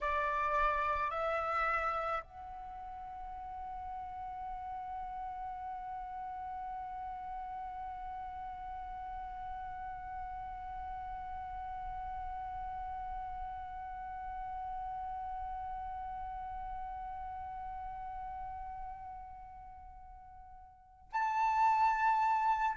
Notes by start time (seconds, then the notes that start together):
0.00 D5
1.10 E5
2.22 F#5
21.12 A5